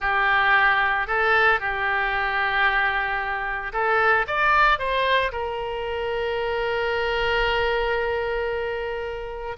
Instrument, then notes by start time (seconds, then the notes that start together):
oboe
0.00 G4
1.07 A4
1.60 G4
3.72 A4
4.27 D5
4.78 C5
5.31 A#4